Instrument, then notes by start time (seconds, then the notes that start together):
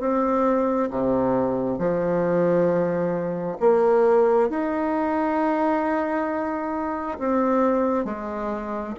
bassoon
0.00 C4
0.90 C3
1.79 F3
3.60 A#3
4.50 D#4
7.19 C4
8.05 G#3